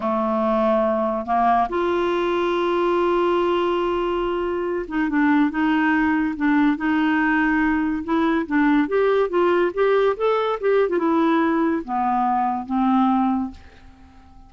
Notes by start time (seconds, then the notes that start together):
0.00 A3
1.25 A#3
1.69 F4
4.88 D#4
5.09 D4
5.50 D#4
6.36 D4
6.76 D#4
8.03 E4
8.46 D4
8.88 G4
9.29 F4
9.74 G4
10.17 A4
10.60 G4
10.89 F4
10.98 E4
11.84 B3
12.66 C4